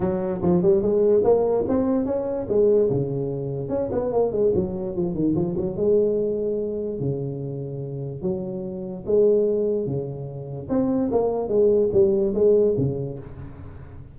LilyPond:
\new Staff \with { instrumentName = "tuba" } { \time 4/4 \tempo 4 = 146 fis4 f8 g8 gis4 ais4 | c'4 cis'4 gis4 cis4~ | cis4 cis'8 b8 ais8 gis8 fis4 | f8 dis8 f8 fis8 gis2~ |
gis4 cis2. | fis2 gis2 | cis2 c'4 ais4 | gis4 g4 gis4 cis4 | }